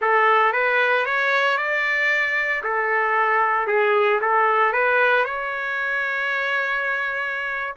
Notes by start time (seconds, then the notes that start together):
0.01 A4
0.53 B4
1.05 C#5
1.57 D5
2.63 A4
3.67 G#4
4.21 A4
4.72 B4
5.24 C#5